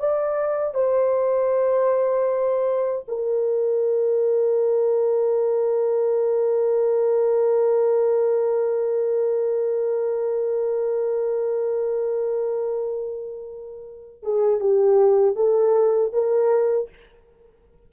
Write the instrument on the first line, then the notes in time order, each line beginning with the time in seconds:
horn
0.00 D5
0.75 C5
3.08 A#4
14.23 G#4
14.60 G4
15.36 A4
16.13 A#4